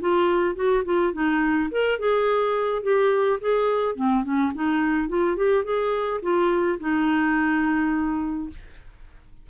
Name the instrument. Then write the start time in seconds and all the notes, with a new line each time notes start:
clarinet
0.00 F4
0.55 F#4
0.84 F4
1.13 D#4
1.71 A#4
1.99 G#4
2.83 G4
3.41 G#4
3.95 C4
4.24 C#4
4.54 D#4
5.08 F4
5.36 G4
5.64 G#4
6.22 F4
6.80 D#4